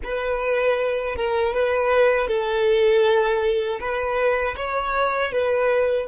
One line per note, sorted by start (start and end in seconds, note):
0.03 1.15 B4
1.15 1.53 A#4
1.53 2.28 B4
2.28 3.79 A4
3.79 4.55 B4
4.56 5.32 C#5
5.32 6.07 B4